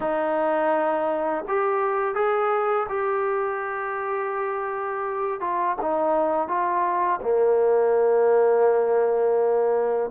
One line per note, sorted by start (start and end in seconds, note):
0.00 1.45 D#4
1.48 2.14 G4
2.14 2.87 G#4
2.88 5.40 G4
5.40 5.76 F4
5.81 6.47 D#4
6.47 7.20 F4
7.22 10.10 A#3